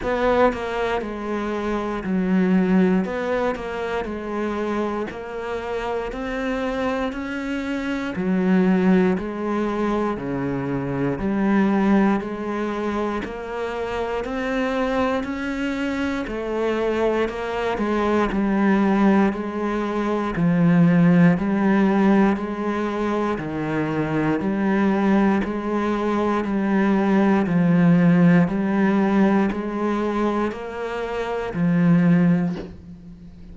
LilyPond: \new Staff \with { instrumentName = "cello" } { \time 4/4 \tempo 4 = 59 b8 ais8 gis4 fis4 b8 ais8 | gis4 ais4 c'4 cis'4 | fis4 gis4 cis4 g4 | gis4 ais4 c'4 cis'4 |
a4 ais8 gis8 g4 gis4 | f4 g4 gis4 dis4 | g4 gis4 g4 f4 | g4 gis4 ais4 f4 | }